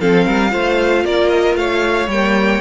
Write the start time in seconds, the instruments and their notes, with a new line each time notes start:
0.00 cello F3, viola C4, violin A4 F5
0.25 cello G3, violin A#4
0.50 cello A3, viola F4, violin C5
1.05 cello A#3, violin A#4 D5
1.29 violin D#5
1.56 cello A3, violin C#5 F5
2.08 cello G3, viola A#3, violin G5